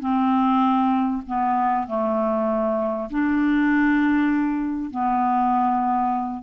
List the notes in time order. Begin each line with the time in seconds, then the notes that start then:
0.00 C4
1.27 B3
1.87 A3
3.11 D4
4.91 B3